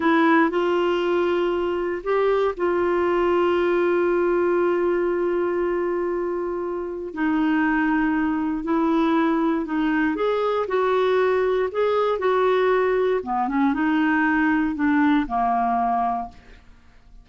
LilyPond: \new Staff \with { instrumentName = "clarinet" } { \time 4/4 \tempo 4 = 118 e'4 f'2. | g'4 f'2.~ | f'1~ | f'2 dis'2~ |
dis'4 e'2 dis'4 | gis'4 fis'2 gis'4 | fis'2 b8 cis'8 dis'4~ | dis'4 d'4 ais2 | }